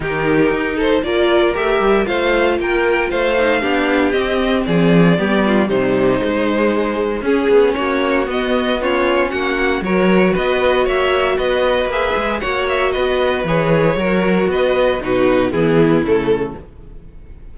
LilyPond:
<<
  \new Staff \with { instrumentName = "violin" } { \time 4/4 \tempo 4 = 116 ais'4. c''8 d''4 e''4 | f''4 g''4 f''2 | dis''4 d''2 c''4~ | c''2 gis'4 cis''4 |
dis''4 cis''4 fis''4 cis''4 | dis''4 e''4 dis''4 e''4 | fis''8 e''8 dis''4 cis''2 | dis''4 b'4 gis'4 a'4 | }
  \new Staff \with { instrumentName = "violin" } { \time 4/4 g'4. a'8 ais'2 | c''4 ais'4 c''4 g'4~ | g'4 gis'4 g'8 f'8 dis'4~ | dis'2 gis'4 fis'4~ |
fis'4 f'4 fis'4 ais'4 | b'4 cis''4 b'2 | cis''4 b'2 ais'4 | b'4 fis'4 e'2 | }
  \new Staff \with { instrumentName = "viola" } { \time 4/4 dis'2 f'4 g'4 | f'2~ f'8 dis'8 d'4 | c'2 b4 g4 | gis2 cis'2 |
b4 cis'2 fis'4~ | fis'2. gis'4 | fis'2 gis'4 fis'4~ | fis'4 dis'4 b4 a4 | }
  \new Staff \with { instrumentName = "cello" } { \time 4/4 dis4 dis'4 ais4 a8 g8 | a4 ais4 a4 b4 | c'4 f4 g4 c4 | gis2 cis'8 b8 ais4 |
b2 ais4 fis4 | b4 ais4 b4 ais8 gis8 | ais4 b4 e4 fis4 | b4 b,4 e4 cis4 | }
>>